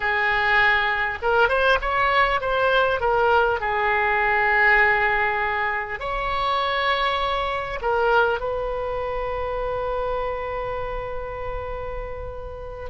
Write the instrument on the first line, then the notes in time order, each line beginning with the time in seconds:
oboe
0.00 G#4
1.22 A#4
1.48 C5
1.81 C#5
2.40 C5
3.00 A#4
3.60 G#4
5.99 C#5
7.81 A#4
8.40 B4